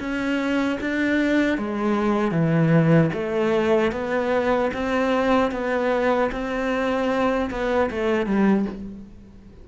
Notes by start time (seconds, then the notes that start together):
0.00 C#4
0.81 D4
1.58 G#3
2.31 E3
3.14 A3
3.92 B3
4.74 C4
5.52 B3
6.32 C4
7.51 B3
7.91 A3
8.26 G3